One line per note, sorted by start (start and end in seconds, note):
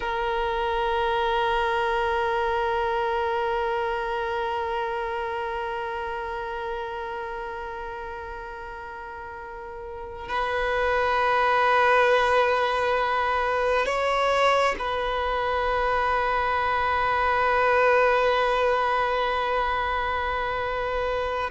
0.00 10.28 A#4
10.28 13.85 B4
13.85 14.75 C#5
14.78 21.50 B4